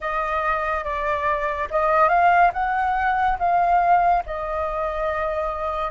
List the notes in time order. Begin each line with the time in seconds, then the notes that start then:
0.00 D#5
0.84 D5
1.70 D#5
2.09 F5
2.53 F#5
3.38 F5
4.26 D#5